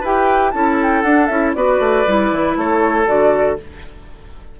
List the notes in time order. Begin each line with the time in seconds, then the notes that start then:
0.00 E4 G4 B4 G5
0.51 C#4 E4 A4 A5
0.82 G5
1.02 D4 F#5
1.26 C#4 E4 E5
1.54 B3 F#4 B4 D5
1.79 A3
2.07 G3 E4
2.31 E3
2.56 A3 A4 C#5
3.06 D3 F#4 D5